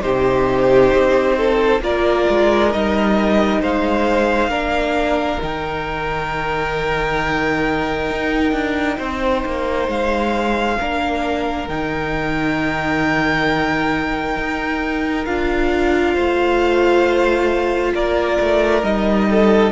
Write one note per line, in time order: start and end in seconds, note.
0.00 0.92 C3
0.00 1.79 D#4
0.00 1.36 G4
0.00 1.80 C5
0.92 1.80 C4
1.37 1.82 A4
1.80 2.24 A#3
1.80 2.71 F4
1.80 3.60 A#4
1.80 2.72 D5
2.29 2.74 G#3
2.71 3.61 G3
2.71 4.50 D#4
2.71 3.61 D#5
3.60 4.48 G#3
3.60 4.49 C5
3.60 5.42 F5
4.48 5.37 A#3
4.48 5.39 D4
4.48 8.97 A#4
5.40 8.10 D#3
5.40 10.78 D#4
5.40 9.89 G5
8.10 8.52 D#4
8.52 8.97 D4
8.97 9.44 C4
8.97 10.76 C5
9.45 9.88 A#3
9.88 10.77 G#3
9.88 11.68 F5
10.79 11.68 A#3
10.79 11.68 D4
10.79 16.13 A#4
11.68 14.36 D#3
11.68 15.25 D#4
11.68 15.24 G5
14.36 15.26 D#4
15.24 16.16 D4
15.24 18.82 F4
15.24 17.93 F5
16.13 17.93 A3
16.13 17.92 C5
17.93 18.37 A#3
17.93 19.29 A#4
17.93 18.84 D5
18.40 18.83 A3
18.82 19.71 G3
18.82 19.71 D#4
18.82 19.71 D#5
19.29 19.71 A4